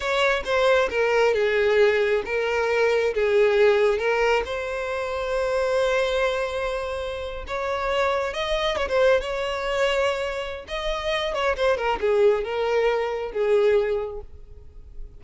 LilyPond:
\new Staff \with { instrumentName = "violin" } { \time 4/4 \tempo 4 = 135 cis''4 c''4 ais'4 gis'4~ | gis'4 ais'2 gis'4~ | gis'4 ais'4 c''2~ | c''1~ |
c''8. cis''2 dis''4 cis''16 | c''8. cis''2.~ cis''16 | dis''4. cis''8 c''8 ais'8 gis'4 | ais'2 gis'2 | }